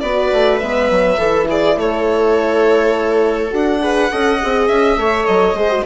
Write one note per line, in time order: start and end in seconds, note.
0.00 0.31 B3
0.00 0.61 F#4
0.00 1.17 B4
0.00 0.58 D5
0.32 0.61 A3
0.58 0.90 G#3
0.58 1.20 B3
0.58 1.46 E5
0.90 1.18 F#3
1.17 1.76 E3
1.17 3.50 E4
1.17 1.47 A4
1.48 1.77 G#4
1.48 1.79 D5
1.77 3.51 A3
1.77 3.81 A4
1.77 3.54 C#5
3.50 4.10 D4
3.50 3.79 F#4
3.50 4.68 F#5
3.81 4.10 G#4
3.81 4.11 B4
4.10 4.42 C#4
4.10 4.39 A4
4.10 4.99 D#5
4.41 4.68 C4
4.41 4.99 G#4
4.68 4.96 C#4
4.68 5.26 E5
4.96 5.25 A3
4.96 5.57 A4
4.96 5.56 C#5
5.26 5.54 F#3
5.26 5.84 D#5
5.54 5.83 G#3
5.54 5.70 G#4
5.54 5.85 C5
5.70 5.84 F#4